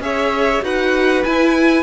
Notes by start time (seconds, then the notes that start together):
0.00 C#4 G#4 C#5 E5
0.62 D#4 F#4 B4 F#5
1.24 E4 G#5